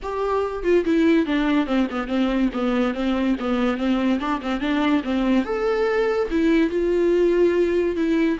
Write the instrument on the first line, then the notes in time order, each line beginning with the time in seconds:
viola
0.02 G4
0.63 F4
0.84 E4
1.26 D4
1.66 C4
1.90 B3
2.07 C4
2.53 B3
2.94 C4
3.39 B3
3.77 C4
4.19 D4
4.41 C4
4.60 D4
5.03 C4
5.44 A4
6.30 E4
6.70 F4
7.95 E4